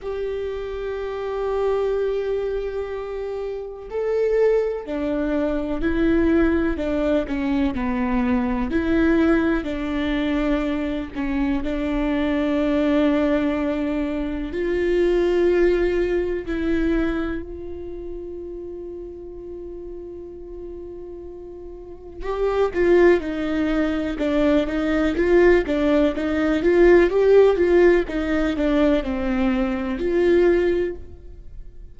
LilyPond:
\new Staff \with { instrumentName = "viola" } { \time 4/4 \tempo 4 = 62 g'1 | a'4 d'4 e'4 d'8 cis'8 | b4 e'4 d'4. cis'8 | d'2. f'4~ |
f'4 e'4 f'2~ | f'2. g'8 f'8 | dis'4 d'8 dis'8 f'8 d'8 dis'8 f'8 | g'8 f'8 dis'8 d'8 c'4 f'4 | }